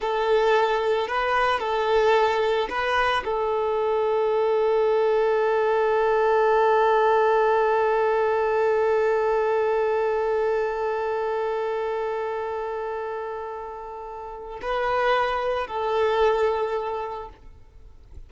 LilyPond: \new Staff \with { instrumentName = "violin" } { \time 4/4 \tempo 4 = 111 a'2 b'4 a'4~ | a'4 b'4 a'2~ | a'1~ | a'1~ |
a'1~ | a'1~ | a'2. b'4~ | b'4 a'2. | }